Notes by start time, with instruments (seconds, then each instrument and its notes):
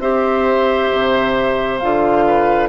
0.00 bassoon C4, clarinet G4, oboe C5, flute E5
0.93 bassoon C3
1.79 bassoon D3, clarinet F4, flute F5
2.27 oboe B4